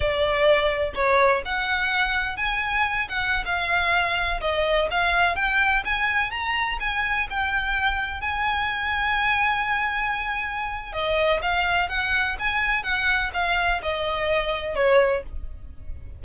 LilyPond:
\new Staff \with { instrumentName = "violin" } { \time 4/4 \tempo 4 = 126 d''2 cis''4 fis''4~ | fis''4 gis''4. fis''8. f''8.~ | f''4~ f''16 dis''4 f''4 g''8.~ | g''16 gis''4 ais''4 gis''4 g''8.~ |
g''4~ g''16 gis''2~ gis''8.~ | gis''2. dis''4 | f''4 fis''4 gis''4 fis''4 | f''4 dis''2 cis''4 | }